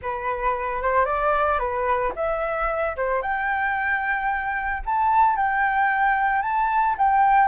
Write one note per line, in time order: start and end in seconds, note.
0.01 0.82 B4
0.82 1.05 C5
1.05 1.58 D5
1.58 2.12 B4
2.15 2.96 E5
2.96 3.21 C5
3.21 4.82 G5
4.85 5.36 A5
5.36 6.42 G5
6.42 6.95 A5
6.98 7.48 G5